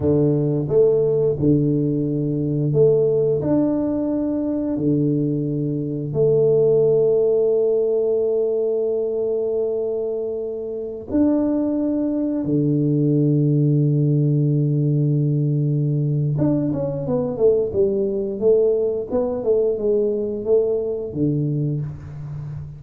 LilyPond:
\new Staff \with { instrumentName = "tuba" } { \time 4/4 \tempo 4 = 88 d4 a4 d2 | a4 d'2 d4~ | d4 a2.~ | a1~ |
a16 d'2 d4.~ d16~ | d1 | d'8 cis'8 b8 a8 g4 a4 | b8 a8 gis4 a4 d4 | }